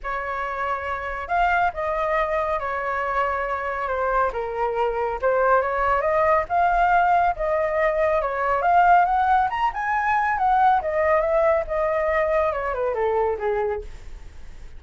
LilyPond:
\new Staff \with { instrumentName = "flute" } { \time 4/4 \tempo 4 = 139 cis''2. f''4 | dis''2 cis''2~ | cis''4 c''4 ais'2 | c''4 cis''4 dis''4 f''4~ |
f''4 dis''2 cis''4 | f''4 fis''4 ais''8 gis''4. | fis''4 dis''4 e''4 dis''4~ | dis''4 cis''8 b'8 a'4 gis'4 | }